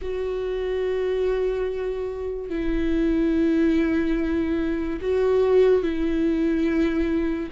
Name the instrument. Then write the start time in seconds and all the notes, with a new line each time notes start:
viola
0.01 F#4
2.49 E4
5.01 F#4
5.82 E4